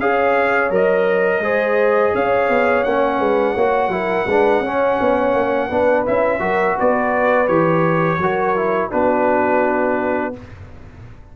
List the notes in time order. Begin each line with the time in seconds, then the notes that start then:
0.00 C#4 G#4 C#5 F5
0.70 F#3 A#4 D#5
1.40 G#3 G#4 C5
2.13 C#4 C#5 F5
2.49 B3
2.84 A#3 C#4 F#5
3.19 G#3 B4
3.54 A#3 F#4 C#5
3.88 F#3 E4 A#4
4.26 G#3 D4 B4
4.61 C#4 C#5
5.01 B3
5.34 A#3
5.68 B3 D4 B4
6.06 C#4 E4 E5
6.40 F#3 F#4 A#4
6.76 B3 B4 D5
7.47 E3 G4 C#5
8.18 F#3 F#4 A#4
8.56 E4
8.90 B3 D4 F#4 B4